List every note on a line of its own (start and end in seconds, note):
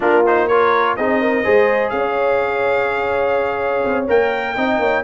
0.00 0.97 A#3
0.00 0.24 D4
0.00 0.47 F4
0.00 0.25 A#4
0.26 0.50 D#4
0.26 0.47 C5
0.47 0.98 F4
0.47 0.95 A#4
0.47 0.95 C#5
0.96 1.45 C4
0.96 1.43 D#4
0.96 1.20 G#4
0.96 1.89 D#5
1.20 1.44 A#4
1.43 1.92 G#3
1.43 4.07 G#4
1.43 1.92 C5
1.89 3.84 C#4
1.89 4.05 F5
1.96 4.55 C#5
3.84 4.08 C4
4.07 4.56 A#3
4.07 4.55 A#4
4.07 5.03 G5
4.55 4.78 C4
4.55 5.03 D#4
4.55 4.79 D#5
4.78 5.02 A#3
4.78 5.03 C#5